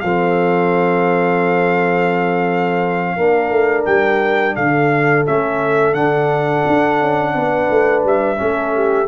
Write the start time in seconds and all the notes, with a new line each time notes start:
0.00 F3 C4 A4 F5
3.15 A#3 D4 A#4
3.50 A3
3.85 G3 G5
4.55 D3 A4 F5
5.25 A3 C#4 E5
5.94 D3 D4 F#5
6.67 D4
7.01 C#4
7.34 B3 B4
7.70 A3
8.04 G3 E5
8.36 A3 C#4
8.42 A4
8.75 G4